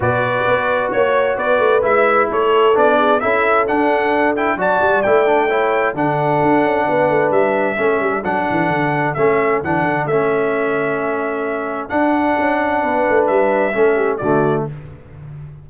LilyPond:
<<
  \new Staff \with { instrumentName = "trumpet" } { \time 4/4 \tempo 4 = 131 d''2 cis''4 d''4 | e''4 cis''4 d''4 e''4 | fis''4. g''8 a''4 g''4~ | g''4 fis''2. |
e''2 fis''2 | e''4 fis''4 e''2~ | e''2 fis''2~ | fis''4 e''2 d''4 | }
  \new Staff \with { instrumentName = "horn" } { \time 4/4 b'2 cis''4 b'4~ | b'4 a'4. gis'8 a'4~ | a'2 d''2 | cis''4 a'2 b'4~ |
b'4 a'2.~ | a'1~ | a'1 | b'2 a'8 g'8 fis'4 | }
  \new Staff \with { instrumentName = "trombone" } { \time 4/4 fis'1 | e'2 d'4 e'4 | d'4. e'8 fis'4 e'8 d'8 | e'4 d'2.~ |
d'4 cis'4 d'2 | cis'4 d'4 cis'2~ | cis'2 d'2~ | d'2 cis'4 a4 | }
  \new Staff \with { instrumentName = "tuba" } { \time 4/4 b,4 b4 ais4 b8 a8 | gis4 a4 b4 cis'4 | d'2 fis8 g8 a4~ | a4 d4 d'8 cis'8 b8 a8 |
g4 a8 g8 fis8 e8 d4 | a4 e8 d8 a2~ | a2 d'4 cis'4 | b8 a8 g4 a4 d4 | }
>>